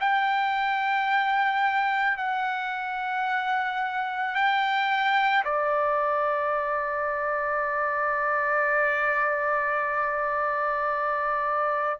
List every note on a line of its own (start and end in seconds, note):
0.00 2.17 G5
2.17 4.35 F#5
4.35 5.44 G5
5.44 11.99 D5